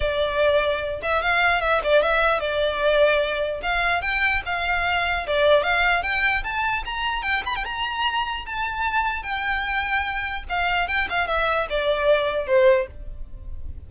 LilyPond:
\new Staff \with { instrumentName = "violin" } { \time 4/4 \tempo 4 = 149 d''2~ d''8 e''8 f''4 | e''8 d''8 e''4 d''2~ | d''4 f''4 g''4 f''4~ | f''4 d''4 f''4 g''4 |
a''4 ais''4 g''8 b''16 g''16 ais''4~ | ais''4 a''2 g''4~ | g''2 f''4 g''8 f''8 | e''4 d''2 c''4 | }